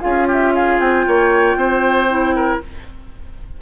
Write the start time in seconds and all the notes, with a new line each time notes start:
0.00 C#4 F4 G#4 F5
0.27 G4 E5
0.54 G#4 F5
0.79 C4 G5
1.07 A#3 C#5
1.55 C4 C5
2.09 E4
2.35 A#4